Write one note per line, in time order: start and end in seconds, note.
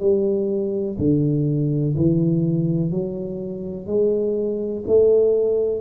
0.00 0.97 G3
0.98 1.95 D3
1.97 2.91 E3
2.91 3.87 F#3
3.87 4.83 G#3
4.87 5.81 A3